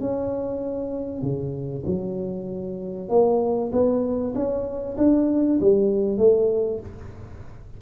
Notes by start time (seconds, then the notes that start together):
0.00 C#4
1.22 C#3
1.86 F#3
3.09 A#3
3.72 B3
4.35 C#4
4.97 D4
5.60 G3
6.18 A3